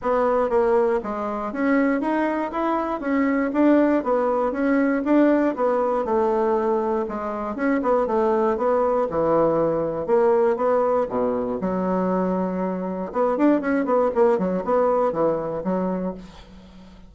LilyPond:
\new Staff \with { instrumentName = "bassoon" } { \time 4/4 \tempo 4 = 119 b4 ais4 gis4 cis'4 | dis'4 e'4 cis'4 d'4 | b4 cis'4 d'4 b4 | a2 gis4 cis'8 b8 |
a4 b4 e2 | ais4 b4 b,4 fis4~ | fis2 b8 d'8 cis'8 b8 | ais8 fis8 b4 e4 fis4 | }